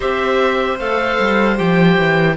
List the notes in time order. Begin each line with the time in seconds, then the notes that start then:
0.00 C4 G4 C5 E5
0.78 A3 A4 F5
1.19 G3
1.56 F3 G4 G5
1.98 E3